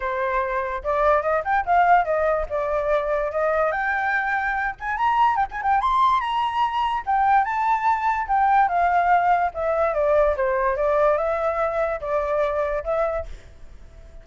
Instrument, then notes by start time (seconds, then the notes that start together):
flute
0.00 C5
0.83 D5
1.22 D#5
1.44 G5
1.65 F5
2.04 D#5
2.49 D5
3.31 D#5
3.71 G5
4.79 G#5
4.97 A#5
5.36 G5
5.51 G#5
5.62 G5
5.81 C6
6.20 A#5
7.06 G5
7.44 A5
8.27 G5
8.68 F5
9.54 E5
9.94 D5
10.36 C5
10.76 D5
11.17 E5
12.01 D5
12.84 E5